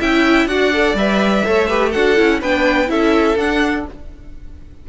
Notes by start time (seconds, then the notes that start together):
0.00 C#4 E4 E5 G5
0.46 D4 F#4 D5 F#5
0.73 A4
0.94 G3 B4 E5
1.44 A3 A4 C#5
1.68 G4 B4
1.90 D4 F#4 A4 F#5
2.16 C#4 E4
2.41 B3 D4 B4 G5
2.87 C#4 E4 A4 E5
3.36 D4 F#5